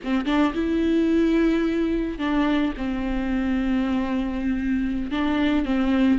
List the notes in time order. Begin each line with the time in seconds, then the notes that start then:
0.04 C4
0.25 D4
0.54 E4
2.18 D4
2.77 C4
5.11 D4
5.65 C4